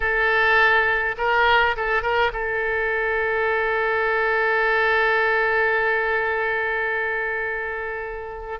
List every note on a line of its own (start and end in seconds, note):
0.00 1.15 A4
1.17 1.76 A#4
1.76 2.02 A4
2.02 2.31 A#4
2.32 8.59 A4